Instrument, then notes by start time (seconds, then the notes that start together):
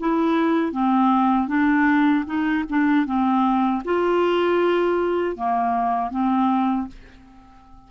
clarinet
0.00 E4
0.72 C4
1.48 D4
2.26 D#4
2.70 D4
3.06 C4
3.85 F4
5.37 A#3
6.11 C4